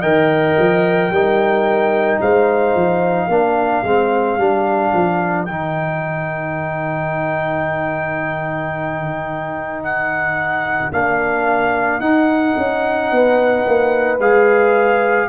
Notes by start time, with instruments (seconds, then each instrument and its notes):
0.00 tuba D#3, trombone A#4, horn D#5, trumpet G5
0.58 tuba F3
1.10 tuba G3, trombone D#4, horn A#4
2.21 tuba G#3, horn C5, trumpet F5
2.75 tuba F3
3.27 tuba A#3, trombone D4, horn A#4
3.83 tuba G#3, trombone C4
4.37 tuba G3, trombone D4
4.93 tuba F3
5.45 tuba D#3, trombone D#4, trumpet G5
9.82 trumpet F#5
10.92 tuba A#3, trombone D4, trumpet F5
12.00 tuba D#4, trombone D#4, trumpet F#5
12.57 tuba C#4
13.11 tuba B3, horn B4
13.67 tuba A#3
14.18 tuba G#3, trombone G#4, trumpet F5